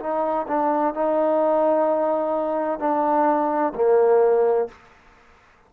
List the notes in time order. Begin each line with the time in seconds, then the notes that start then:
0.00 D#4
0.48 D4
0.95 D#4
2.80 D4
3.75 A#3